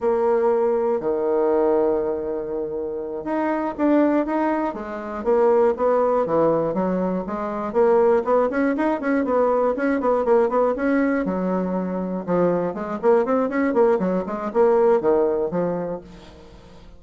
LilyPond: \new Staff \with { instrumentName = "bassoon" } { \time 4/4 \tempo 4 = 120 ais2 dis2~ | dis2~ dis8 dis'4 d'8~ | d'8 dis'4 gis4 ais4 b8~ | b8 e4 fis4 gis4 ais8~ |
ais8 b8 cis'8 dis'8 cis'8 b4 cis'8 | b8 ais8 b8 cis'4 fis4.~ | fis8 f4 gis8 ais8 c'8 cis'8 ais8 | fis8 gis8 ais4 dis4 f4 | }